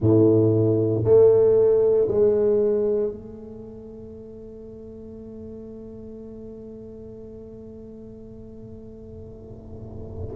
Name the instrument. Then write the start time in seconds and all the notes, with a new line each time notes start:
tuba
0.00 A2
1.04 A3
2.08 G#3
3.11 A3